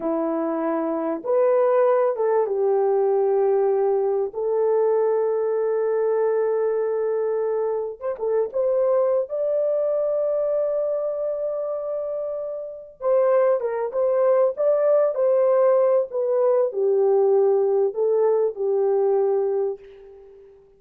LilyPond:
\new Staff \with { instrumentName = "horn" } { \time 4/4 \tempo 4 = 97 e'2 b'4. a'8 | g'2. a'4~ | a'1~ | a'4 c''16 a'8 c''4~ c''16 d''4~ |
d''1~ | d''4 c''4 ais'8 c''4 d''8~ | d''8 c''4. b'4 g'4~ | g'4 a'4 g'2 | }